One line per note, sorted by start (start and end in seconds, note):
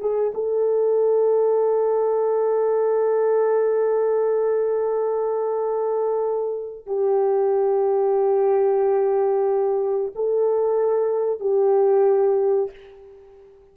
0.00 0.33 G#4
0.34 6.87 A4
6.87 10.13 G4
10.15 11.40 A4
11.40 12.71 G4